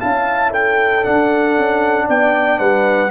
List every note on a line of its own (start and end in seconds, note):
0.00 1.06 C#4
0.00 1.03 E4
0.00 0.51 F5
0.00 0.52 A5
0.51 2.06 A4
0.51 1.05 G5
1.03 3.10 D4
1.03 1.58 D4
1.03 2.08 F#5
1.58 2.09 C#4
2.08 2.60 B3
2.08 2.59 D5
2.08 2.59 G5
2.59 3.11 G3
2.59 3.11 B4
2.59 3.11 F#5